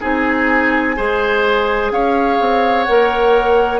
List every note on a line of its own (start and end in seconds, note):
0.00 0.98 C4
0.00 0.96 D#4
0.00 0.95 G#4
0.00 1.92 G#5
0.96 1.91 G#3
0.96 2.86 G#4
0.96 1.92 C5
1.91 2.39 C#4
1.91 3.80 C#5
1.91 2.83 F5
2.40 2.87 C4
2.83 3.80 A#3
2.83 3.80 A#4
2.83 3.79 F#5